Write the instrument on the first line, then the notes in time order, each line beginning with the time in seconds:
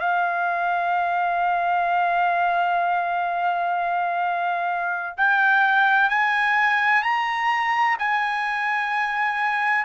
trumpet
0.00 F5
5.17 G5
6.10 G#5
7.03 A#5
7.99 G#5